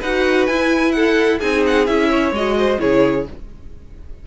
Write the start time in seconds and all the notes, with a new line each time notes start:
0.00 D#4 F#4 B4 F#5
0.46 E4 G#5
0.92 A4 F#5
1.40 C4 D#4 G#4 G#5
1.66 F#5
1.86 C#4 E4 E5
2.09 C#5
2.31 G#3 F#4 D#5
2.57 C5
2.79 C#3 E4 G#4 C#5